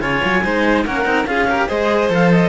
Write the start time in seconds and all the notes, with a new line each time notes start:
0.00 C#3 F4 C#5 G#5
0.24 F#3
0.43 G#3 D#4 C5
0.84 A#3 C#4 A#4 F#5
1.04 C4 D#4
1.25 C#4 F4 G#4 F5
1.48 G4 A#4
1.67 G#3 G#4 C5 D#5
2.09 F3 A4 F5
2.30 D#5